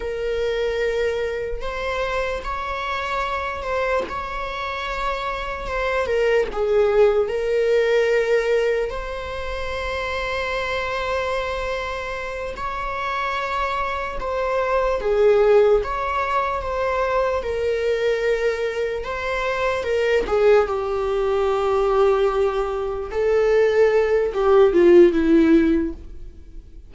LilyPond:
\new Staff \with { instrumentName = "viola" } { \time 4/4 \tempo 4 = 74 ais'2 c''4 cis''4~ | cis''8 c''8 cis''2 c''8 ais'8 | gis'4 ais'2 c''4~ | c''2.~ c''8 cis''8~ |
cis''4. c''4 gis'4 cis''8~ | cis''8 c''4 ais'2 c''8~ | c''8 ais'8 gis'8 g'2~ g'8~ | g'8 a'4. g'8 f'8 e'4 | }